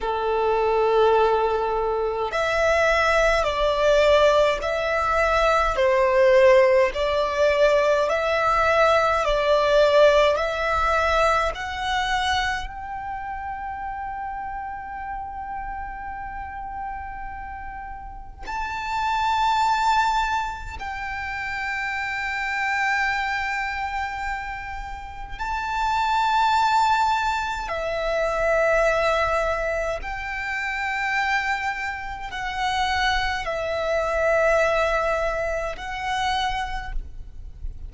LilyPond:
\new Staff \with { instrumentName = "violin" } { \time 4/4 \tempo 4 = 52 a'2 e''4 d''4 | e''4 c''4 d''4 e''4 | d''4 e''4 fis''4 g''4~ | g''1 |
a''2 g''2~ | g''2 a''2 | e''2 g''2 | fis''4 e''2 fis''4 | }